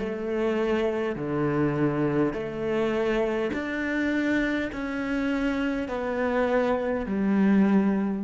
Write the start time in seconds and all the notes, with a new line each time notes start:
0.00 A3
1.16 D3
2.34 A3
3.53 D4
4.73 C#4
5.89 B3
7.06 G3